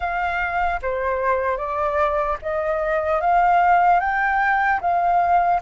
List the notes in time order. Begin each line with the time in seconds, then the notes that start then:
0.00 F5
0.81 C5
1.57 D5
2.41 D#5
3.20 F5
4.00 G5
4.80 F5